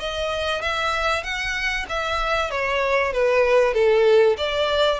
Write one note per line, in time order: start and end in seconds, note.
0.00 0.62 D#5
0.62 1.24 E5
1.24 1.86 F#5
1.89 2.51 E5
2.51 3.13 C#5
3.13 3.74 B4
3.74 4.37 A4
4.38 5.00 D5